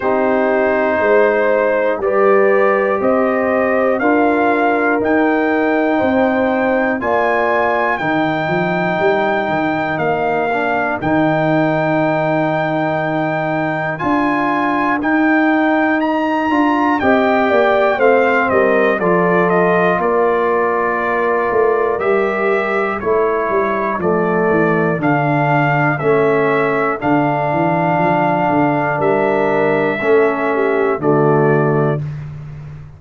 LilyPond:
<<
  \new Staff \with { instrumentName = "trumpet" } { \time 4/4 \tempo 4 = 60 c''2 d''4 dis''4 | f''4 g''2 gis''4 | g''2 f''4 g''4~ | g''2 gis''4 g''4 |
ais''4 g''4 f''8 dis''8 d''8 dis''8 | d''2 e''4 cis''4 | d''4 f''4 e''4 f''4~ | f''4 e''2 d''4 | }
  \new Staff \with { instrumentName = "horn" } { \time 4/4 g'4 c''4 b'4 c''4 | ais'2 c''4 d''4 | ais'1~ | ais'1~ |
ais'4 dis''8 d''8 c''8 ais'8 a'4 | ais'2. a'4~ | a'1~ | a'4 ais'4 a'8 g'8 fis'4 | }
  \new Staff \with { instrumentName = "trombone" } { \time 4/4 dis'2 g'2 | f'4 dis'2 f'4 | dis'2~ dis'8 d'8 dis'4~ | dis'2 f'4 dis'4~ |
dis'8 f'8 g'4 c'4 f'4~ | f'2 g'4 e'4 | a4 d'4 cis'4 d'4~ | d'2 cis'4 a4 | }
  \new Staff \with { instrumentName = "tuba" } { \time 4/4 c'4 gis4 g4 c'4 | d'4 dis'4 c'4 ais4 | dis8 f8 g8 dis8 ais4 dis4~ | dis2 d'4 dis'4~ |
dis'8 d'8 c'8 ais8 a8 g8 f4 | ais4. a8 g4 a8 g8 | f8 e8 d4 a4 d8 e8 | f8 d8 g4 a4 d4 | }
>>